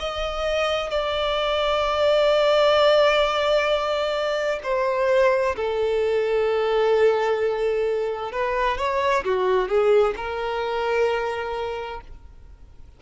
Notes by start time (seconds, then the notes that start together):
0.00 D#5
0.90 D5
4.64 C5
5.56 A4
8.32 B4
8.78 C#5
9.24 F#4
9.68 G#4
10.16 A#4